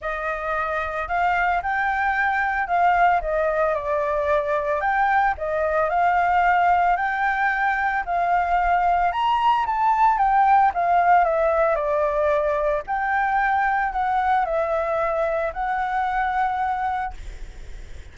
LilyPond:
\new Staff \with { instrumentName = "flute" } { \time 4/4 \tempo 4 = 112 dis''2 f''4 g''4~ | g''4 f''4 dis''4 d''4~ | d''4 g''4 dis''4 f''4~ | f''4 g''2 f''4~ |
f''4 ais''4 a''4 g''4 | f''4 e''4 d''2 | g''2 fis''4 e''4~ | e''4 fis''2. | }